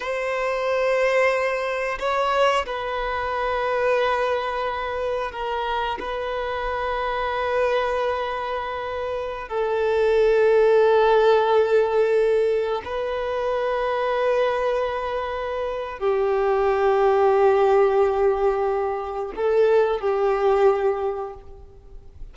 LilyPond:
\new Staff \with { instrumentName = "violin" } { \time 4/4 \tempo 4 = 90 c''2. cis''4 | b'1 | ais'4 b'2.~ | b'2~ b'16 a'4.~ a'16~ |
a'2.~ a'16 b'8.~ | b'1 | g'1~ | g'4 a'4 g'2 | }